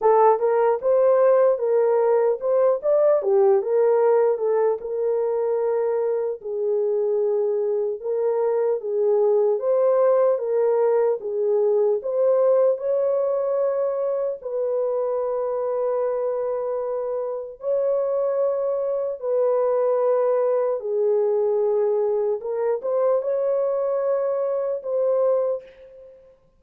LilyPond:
\new Staff \with { instrumentName = "horn" } { \time 4/4 \tempo 4 = 75 a'8 ais'8 c''4 ais'4 c''8 d''8 | g'8 ais'4 a'8 ais'2 | gis'2 ais'4 gis'4 | c''4 ais'4 gis'4 c''4 |
cis''2 b'2~ | b'2 cis''2 | b'2 gis'2 | ais'8 c''8 cis''2 c''4 | }